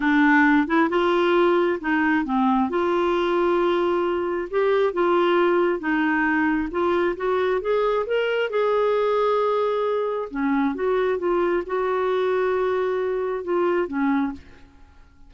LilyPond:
\new Staff \with { instrumentName = "clarinet" } { \time 4/4 \tempo 4 = 134 d'4. e'8 f'2 | dis'4 c'4 f'2~ | f'2 g'4 f'4~ | f'4 dis'2 f'4 |
fis'4 gis'4 ais'4 gis'4~ | gis'2. cis'4 | fis'4 f'4 fis'2~ | fis'2 f'4 cis'4 | }